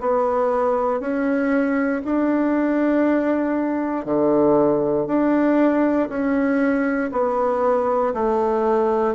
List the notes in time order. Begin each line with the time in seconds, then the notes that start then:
0.00 B3
1.00 C#4
2.04 D4
4.05 D3
5.07 D4
6.09 C#4
7.11 B3
8.14 A3